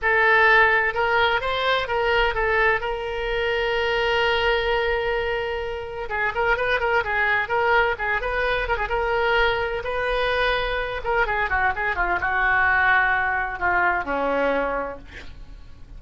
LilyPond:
\new Staff \with { instrumentName = "oboe" } { \time 4/4 \tempo 4 = 128 a'2 ais'4 c''4 | ais'4 a'4 ais'2~ | ais'1~ | ais'4 gis'8 ais'8 b'8 ais'8 gis'4 |
ais'4 gis'8 b'4 ais'16 gis'16 ais'4~ | ais'4 b'2~ b'8 ais'8 | gis'8 fis'8 gis'8 f'8 fis'2~ | fis'4 f'4 cis'2 | }